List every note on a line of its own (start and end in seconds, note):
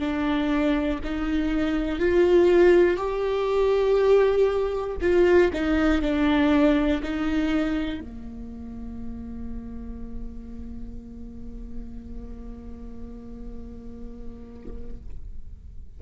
0.00 1.00 D4
1.05 2.00 D#4
2.00 2.97 F4
2.97 4.97 G4
5.02 5.52 F4
5.54 6.02 D#4
6.02 7.02 D4
7.03 8.01 D#4
8.01 15.01 A#3